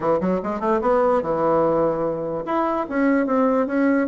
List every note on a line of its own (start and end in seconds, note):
0.00 0.20 E3
0.20 0.41 F#3
0.42 0.60 G#3
0.60 0.80 A3
0.81 1.22 B3
1.22 2.44 E3
2.45 2.86 E4
2.89 3.26 C#4
3.26 3.66 C4
3.66 4.07 C#4